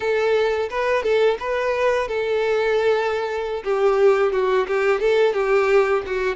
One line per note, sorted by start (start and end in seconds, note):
0.00 0.69 A4
0.70 1.03 B4
1.03 1.37 A4
1.39 2.08 B4
2.08 3.63 A4
3.64 4.32 G4
4.32 4.66 F#4
4.67 5.00 G4
5.00 5.33 A4
5.33 6.02 G4
6.06 6.35 F#4